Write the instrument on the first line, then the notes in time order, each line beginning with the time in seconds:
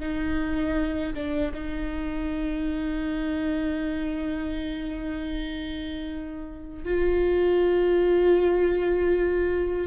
viola
0.00 D#4
1.14 D4
1.54 D#4
6.84 F4